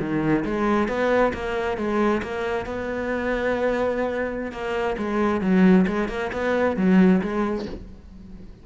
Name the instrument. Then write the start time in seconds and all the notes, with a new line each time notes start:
cello
0.00 D#3
0.45 G#3
0.88 B3
1.34 A#3
1.78 G#3
2.23 A#3
2.66 B3
4.52 A#3
4.98 G#3
5.41 F#3
5.87 G#3
6.09 A#3
6.33 B3
6.77 F#3
7.21 G#3